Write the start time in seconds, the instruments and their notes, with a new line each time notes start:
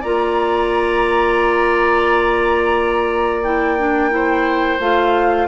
0.00 bassoon A#3, clarinet F4, oboe D5, flute A#5
3.43 clarinet E4, flute G5
3.78 clarinet D4
4.10 clarinet E4, oboe C5
4.79 bassoon A3, clarinet F4, flute F5